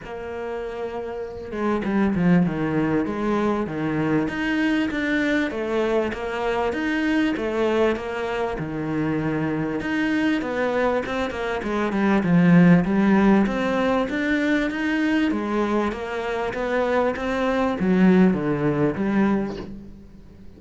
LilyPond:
\new Staff \with { instrumentName = "cello" } { \time 4/4 \tempo 4 = 98 ais2~ ais8 gis8 g8 f8 | dis4 gis4 dis4 dis'4 | d'4 a4 ais4 dis'4 | a4 ais4 dis2 |
dis'4 b4 c'8 ais8 gis8 g8 | f4 g4 c'4 d'4 | dis'4 gis4 ais4 b4 | c'4 fis4 d4 g4 | }